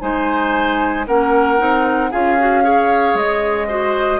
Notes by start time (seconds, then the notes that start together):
0.00 G#3 D#4 C5 G#5
1.07 A#3 C#4 A#4 F#5
1.58 C4 D#4
2.11 C#4 F4 G#4 F5
2.39 F#4
2.63 G#4 C#5
3.14 G#3 D#5
3.68 F#4 C5